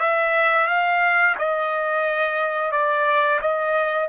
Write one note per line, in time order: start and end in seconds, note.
0.00 0.67 E5
0.67 1.35 F5
1.38 2.72 D#5
2.72 3.40 D5
3.42 4.09 D#5